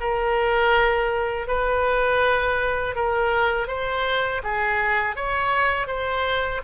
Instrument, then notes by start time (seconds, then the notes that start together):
oboe
0.00 A#4
1.47 B4
2.95 A#4
3.67 C5
4.43 G#4
5.15 C#5
5.87 C5